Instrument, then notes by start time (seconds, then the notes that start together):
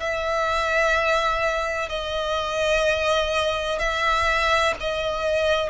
violin
0.00 E5
1.89 D#5
3.79 E5
4.81 D#5